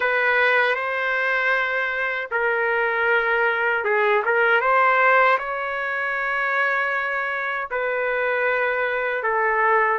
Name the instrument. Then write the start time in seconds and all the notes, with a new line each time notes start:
trumpet
0.00 B4
0.75 C5
2.31 A#4
3.84 G#4
4.25 A#4
4.60 C5
5.38 C#5
7.71 B4
9.23 A4